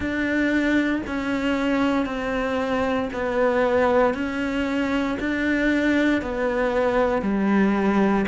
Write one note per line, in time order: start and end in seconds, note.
0.00 1.02 D4
1.06 2.05 C#4
2.05 3.09 C4
3.13 4.14 B3
4.14 5.17 C#4
5.19 6.21 D4
6.21 7.22 B3
7.22 8.25 G3